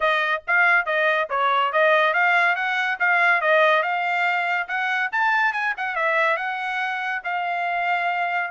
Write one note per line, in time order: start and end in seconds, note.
0.00 0.42 D#5
0.47 0.85 F5
0.85 1.28 D#5
1.29 1.72 C#5
1.72 2.13 D#5
2.13 2.55 F5
2.55 2.98 F#5
2.99 3.41 F5
3.41 3.82 D#5
3.82 4.67 F5
4.68 5.10 F#5
5.12 5.52 A5
5.52 5.74 G#5
5.77 5.95 F#5
5.95 6.36 E5
6.36 7.21 F#5
7.24 8.51 F5